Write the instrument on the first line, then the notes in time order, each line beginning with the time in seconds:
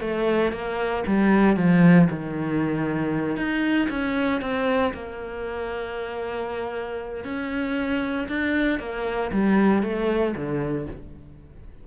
cello
0.00 A3
0.51 A#3
1.07 G3
1.56 F3
2.10 D#3
3.36 D#4
3.89 C#4
4.41 C4
4.93 A#3
7.24 C#4
8.28 D4
8.79 A#3
9.32 G3
9.83 A3
10.35 D3